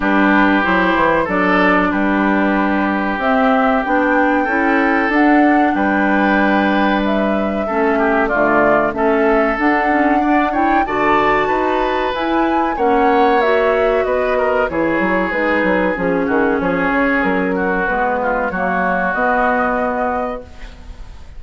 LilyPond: <<
  \new Staff \with { instrumentName = "flute" } { \time 4/4 \tempo 4 = 94 b'4 c''4 d''4 b'4~ | b'4 e''4 g''2 | fis''4 g''2 e''4~ | e''4 d''4 e''4 fis''4~ |
fis''8 g''8 a''2 gis''4 | fis''4 e''4 dis''4 cis''4 | b'4 gis'4 cis''4 ais'4 | b'4 cis''4 dis''2 | }
  \new Staff \with { instrumentName = "oboe" } { \time 4/4 g'2 a'4 g'4~ | g'2. a'4~ | a'4 b'2. | a'8 g'8 f'4 a'2 |
d''8 cis''8 d''4 b'2 | cis''2 b'8 ais'8 gis'4~ | gis'4. fis'8 gis'4. fis'8~ | fis'8 f'8 fis'2. | }
  \new Staff \with { instrumentName = "clarinet" } { \time 4/4 d'4 e'4 d'2~ | d'4 c'4 d'4 e'4 | d'1 | cis'4 a4 cis'4 d'8 cis'8 |
d'8 e'8 fis'2 e'4 | cis'4 fis'2 e'4 | dis'4 cis'2. | b4 ais4 b2 | }
  \new Staff \with { instrumentName = "bassoon" } { \time 4/4 g4 fis8 e8 fis4 g4~ | g4 c'4 b4 cis'4 | d'4 g2. | a4 d4 a4 d'4~ |
d'4 d4 dis'4 e'4 | ais2 b4 e8 fis8 | gis8 fis8 f8 dis8 f8 cis8 fis4 | gis4 fis4 b2 | }
>>